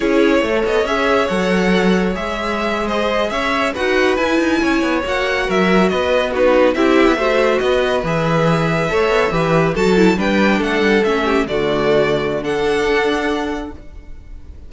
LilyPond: <<
  \new Staff \with { instrumentName = "violin" } { \time 4/4 \tempo 4 = 140 cis''4. dis''8 e''4 fis''4~ | fis''4 e''4.~ e''16 dis''4 e''16~ | e''8. fis''4 gis''2 fis''16~ | fis''8. e''4 dis''4 b'4 e''16~ |
e''4.~ e''16 dis''4 e''4~ e''16~ | e''2~ e''8. a''4 g''16~ | g''8. fis''4 e''4 d''4~ d''16~ | d''4 fis''2. | }
  \new Staff \with { instrumentName = "violin" } { \time 4/4 gis'4 cis''2.~ | cis''2~ cis''8. c''4 cis''16~ | cis''8. b'2 cis''4~ cis''16~ | cis''8. ais'4 b'4 fis'4 g'16~ |
g'8. c''4 b'2~ b'16~ | b'8. cis''4 b'4 a'4 b'16~ | b'8. a'4. g'8 fis'4~ fis'16~ | fis'4 a'2. | }
  \new Staff \with { instrumentName = "viola" } { \time 4/4 e'4~ e'16 a'8. gis'4 a'4~ | a'4 gis'2.~ | gis'8. fis'4 e'2 fis'16~ | fis'2~ fis'8. dis'4 e'16~ |
e'8. fis'2 gis'4~ gis'16~ | gis'8. a'4 g'4 fis'8 e'8 d'16~ | d'4.~ d'16 cis'4 a4~ a16~ | a4 d'2. | }
  \new Staff \with { instrumentName = "cello" } { \time 4/4 cis'4 a8 b8 cis'4 fis4~ | fis4 gis2~ gis8. cis'16~ | cis'8. dis'4 e'8 dis'8 cis'8 b8 ais16~ | ais8. fis4 b2 c'16~ |
c'8 b16 a4 b4 e4~ e16~ | e8. a8 b8 e4 fis4 g16~ | g8. a8 g8 a4 d4~ d16~ | d2 d'2 | }
>>